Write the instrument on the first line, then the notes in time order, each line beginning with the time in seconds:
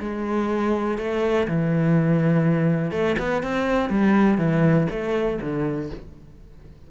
cello
0.00 G#3
0.98 A3
1.48 E3
2.92 A3
3.19 B3
3.43 C4
3.90 G3
4.38 E3
4.91 A3
5.41 D3